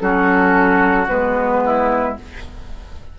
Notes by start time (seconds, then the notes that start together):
0.00 F#3 C#4 F#4 A4
1.08 G#3 B3 B4
1.65 E4